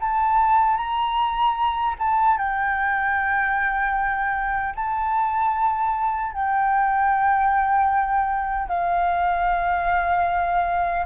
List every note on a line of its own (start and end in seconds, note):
0.00 0.77 A5
0.77 1.95 A#5
1.99 2.38 A5
2.38 4.74 G5
4.75 6.32 A5
6.32 8.68 G5
8.68 11.05 F5